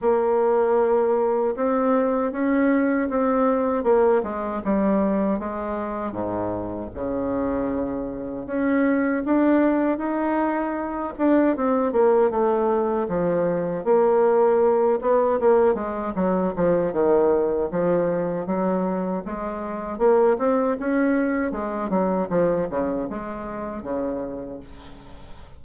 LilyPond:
\new Staff \with { instrumentName = "bassoon" } { \time 4/4 \tempo 4 = 78 ais2 c'4 cis'4 | c'4 ais8 gis8 g4 gis4 | gis,4 cis2 cis'4 | d'4 dis'4. d'8 c'8 ais8 |
a4 f4 ais4. b8 | ais8 gis8 fis8 f8 dis4 f4 | fis4 gis4 ais8 c'8 cis'4 | gis8 fis8 f8 cis8 gis4 cis4 | }